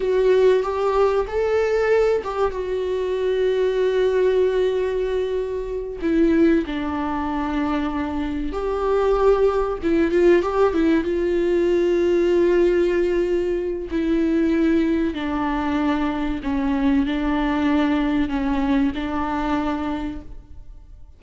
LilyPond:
\new Staff \with { instrumentName = "viola" } { \time 4/4 \tempo 4 = 95 fis'4 g'4 a'4. g'8 | fis'1~ | fis'4. e'4 d'4.~ | d'4. g'2 e'8 |
f'8 g'8 e'8 f'2~ f'8~ | f'2 e'2 | d'2 cis'4 d'4~ | d'4 cis'4 d'2 | }